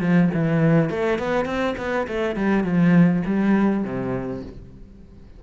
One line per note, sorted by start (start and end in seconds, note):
0.00 0.29 F3
0.34 0.90 E3
0.90 1.18 A3
1.18 1.45 B3
1.45 1.75 C4
1.78 2.07 B3
2.07 2.36 A3
2.36 2.64 G3
2.64 3.23 F3
3.26 3.84 G3
3.84 4.43 C3